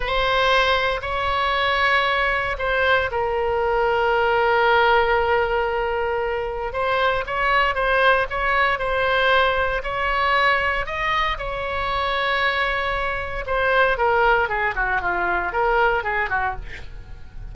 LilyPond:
\new Staff \with { instrumentName = "oboe" } { \time 4/4 \tempo 4 = 116 c''2 cis''2~ | cis''4 c''4 ais'2~ | ais'1~ | ais'4 c''4 cis''4 c''4 |
cis''4 c''2 cis''4~ | cis''4 dis''4 cis''2~ | cis''2 c''4 ais'4 | gis'8 fis'8 f'4 ais'4 gis'8 fis'8 | }